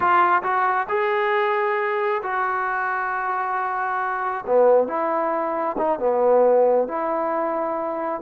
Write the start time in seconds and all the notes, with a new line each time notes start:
0.00 F4
0.42 F#4
0.88 G#4
2.22 F#4
4.46 B3
4.87 E4
5.77 D#4
5.99 B3
6.87 E4